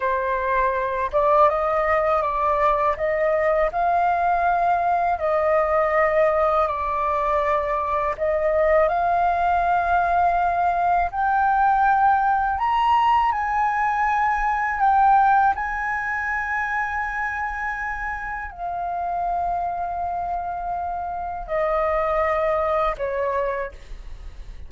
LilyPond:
\new Staff \with { instrumentName = "flute" } { \time 4/4 \tempo 4 = 81 c''4. d''8 dis''4 d''4 | dis''4 f''2 dis''4~ | dis''4 d''2 dis''4 | f''2. g''4~ |
g''4 ais''4 gis''2 | g''4 gis''2.~ | gis''4 f''2.~ | f''4 dis''2 cis''4 | }